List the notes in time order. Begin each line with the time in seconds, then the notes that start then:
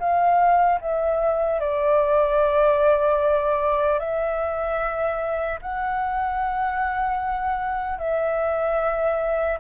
0.00 F5
0.81 E5
1.60 D5
3.99 E5
5.62 F#5
7.99 E5